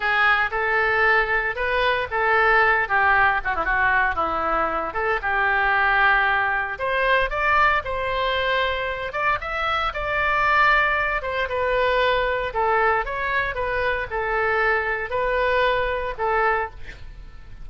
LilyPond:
\new Staff \with { instrumentName = "oboe" } { \time 4/4 \tempo 4 = 115 gis'4 a'2 b'4 | a'4. g'4 fis'16 e'16 fis'4 | e'4. a'8 g'2~ | g'4 c''4 d''4 c''4~ |
c''4. d''8 e''4 d''4~ | d''4. c''8 b'2 | a'4 cis''4 b'4 a'4~ | a'4 b'2 a'4 | }